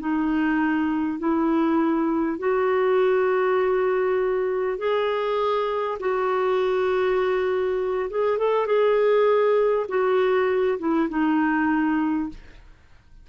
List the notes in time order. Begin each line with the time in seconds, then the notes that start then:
0.00 D#4
1.19 E4
2.39 F#4
4.78 G#4
6.00 F#4
8.11 G#4
8.38 A4
8.67 G#4
9.89 F#4
10.79 E4
11.09 D#4